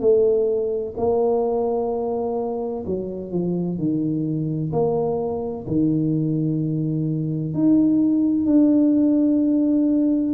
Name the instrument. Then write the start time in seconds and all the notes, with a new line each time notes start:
tuba
0.00 A3
0.97 A#3
2.86 F#3
3.32 F3
3.78 D#3
4.72 A#3
5.67 D#3
7.54 D#4
8.46 D4